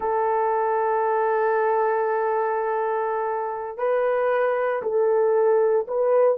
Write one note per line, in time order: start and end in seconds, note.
0.00 3.77 A4
3.77 4.82 B4
4.82 5.86 A4
5.87 6.37 B4